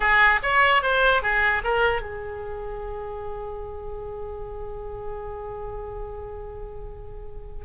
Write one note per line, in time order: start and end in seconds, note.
0.00 0.40 G#4
0.42 0.82 C#5
0.82 1.22 C5
1.22 1.62 G#4
1.63 2.01 A#4
2.01 7.65 G#4